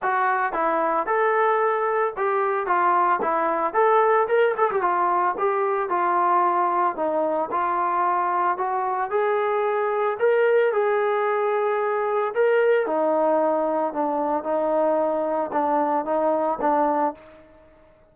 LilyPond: \new Staff \with { instrumentName = "trombone" } { \time 4/4 \tempo 4 = 112 fis'4 e'4 a'2 | g'4 f'4 e'4 a'4 | ais'8 a'16 g'16 f'4 g'4 f'4~ | f'4 dis'4 f'2 |
fis'4 gis'2 ais'4 | gis'2. ais'4 | dis'2 d'4 dis'4~ | dis'4 d'4 dis'4 d'4 | }